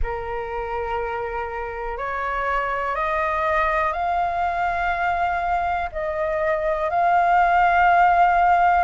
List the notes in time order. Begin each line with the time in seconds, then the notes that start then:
0.02 A#4
1.97 C#5
2.95 D#5
3.93 F5
5.92 D#5
6.90 F5